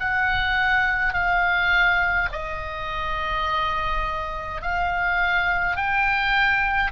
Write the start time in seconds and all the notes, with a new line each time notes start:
0.00 F#5
1.13 F5
2.32 D#5
4.62 F5
5.76 G5